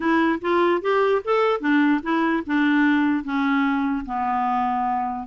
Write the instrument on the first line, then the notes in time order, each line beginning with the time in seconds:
clarinet
0.00 E4
0.41 F4
0.81 G4
1.24 A4
1.60 D4
2.03 E4
2.46 D4
3.24 C#4
4.05 B3